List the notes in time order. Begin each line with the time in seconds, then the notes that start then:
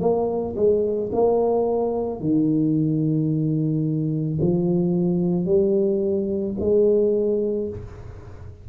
0.00 A#3
0.56 G#3
1.12 A#3
2.20 D#3
4.41 F3
5.45 G3
6.60 G#3